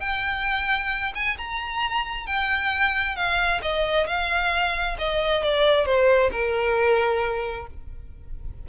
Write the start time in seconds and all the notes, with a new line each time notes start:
0.00 G5
1.15 G#5
1.38 A#5
2.27 G5
3.16 F5
3.62 D#5
4.07 F5
4.98 D#5
5.44 D5
5.86 C5
6.32 A#4